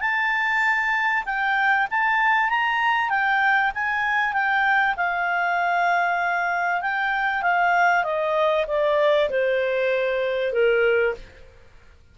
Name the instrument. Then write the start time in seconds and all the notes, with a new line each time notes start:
clarinet
0.00 A5
1.25 G5
1.91 A5
2.49 A#5
3.09 G5
3.75 G#5
4.33 G5
4.97 F5
6.82 G5
7.42 F5
8.04 D#5
8.67 D5
9.30 C5
10.53 A#4